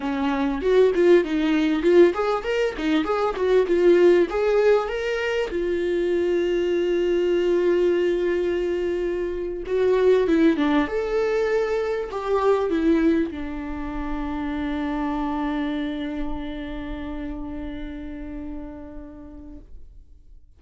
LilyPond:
\new Staff \with { instrumentName = "viola" } { \time 4/4 \tempo 4 = 98 cis'4 fis'8 f'8 dis'4 f'8 gis'8 | ais'8 dis'8 gis'8 fis'8 f'4 gis'4 | ais'4 f'2.~ | f'2.~ f'8. fis'16~ |
fis'8. e'8 d'8 a'2 g'16~ | g'8. e'4 d'2~ d'16~ | d'1~ | d'1 | }